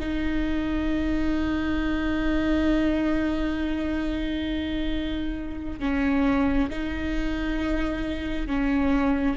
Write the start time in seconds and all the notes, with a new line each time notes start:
0.00 D#4
5.80 C#4
6.70 D#4
8.47 C#4